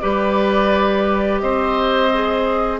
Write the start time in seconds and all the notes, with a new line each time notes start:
0.00 G3 G4 B4 D5
1.40 C4 C5 D#5
2.13 G#4